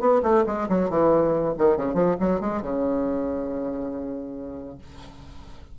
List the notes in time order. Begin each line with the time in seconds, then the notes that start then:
0.00 B3
0.23 A3
0.47 G#3
0.69 F#3
0.90 E3
1.58 D#3
1.77 C#3
1.94 F3
2.20 F#3
2.40 G#3
2.62 C#3